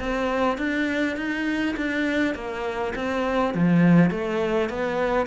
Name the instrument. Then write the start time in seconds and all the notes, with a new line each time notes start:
cello
0.00 C4
0.58 D4
1.17 D#4
1.77 D4
2.35 A#3
2.96 C4
3.55 F3
4.11 A3
4.70 B3